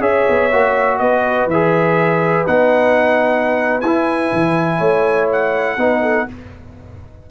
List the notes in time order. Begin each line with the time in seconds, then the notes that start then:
0.00 C#4 G#4 C#5 E5
0.29 B3
0.52 A#3 F#4
0.99 B3 B4 D#5
1.46 E3 E5
1.53 G#4
2.47 B3 D#4 F#5
3.81 E4 G#5
4.33 E3
4.78 A3 C#5
5.32 F#5
5.77 B3 D#4 B4
6.02 A4